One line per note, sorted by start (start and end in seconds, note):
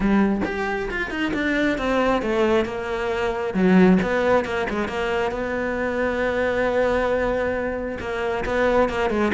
0.00 0.41 G3
0.44 0.89 G4
0.90 1.10 F4
1.10 1.32 D#4
1.33 1.78 D4
1.78 2.22 C4
2.22 2.65 A3
2.65 3.53 A#3
3.53 3.98 F#3
4.02 4.44 B3
4.44 4.67 A#3
4.69 4.87 G#3
4.87 5.31 A#3
5.31 7.97 B3
8.00 8.44 A#3
8.45 8.89 B3
8.89 9.09 A#3
9.09 9.32 G#3